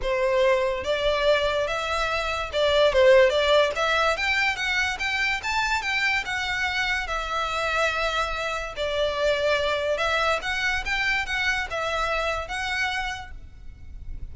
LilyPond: \new Staff \with { instrumentName = "violin" } { \time 4/4 \tempo 4 = 144 c''2 d''2 | e''2 d''4 c''4 | d''4 e''4 g''4 fis''4 | g''4 a''4 g''4 fis''4~ |
fis''4 e''2.~ | e''4 d''2. | e''4 fis''4 g''4 fis''4 | e''2 fis''2 | }